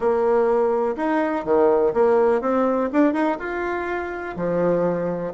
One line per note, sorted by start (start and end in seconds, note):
0.00 0.95 A#3
0.96 1.45 D#4
1.45 1.93 D#3
1.93 2.41 A#3
2.41 2.89 C4
2.92 3.13 D4
3.13 3.37 D#4
3.39 4.35 F4
4.36 5.33 F3